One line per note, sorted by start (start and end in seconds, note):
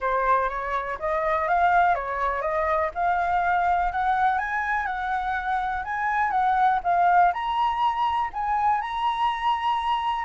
0.00 0.49 C5
0.49 0.98 C#5
0.99 1.47 D#5
1.47 1.94 F5
1.94 2.41 C#5
2.41 2.90 D#5
2.94 3.92 F5
3.92 4.38 F#5
4.38 4.86 G#5
4.86 5.83 F#5
5.84 6.31 G#5
6.31 6.79 F#5
6.83 7.32 F5
7.33 8.30 A#5
8.33 8.81 G#5
8.81 10.24 A#5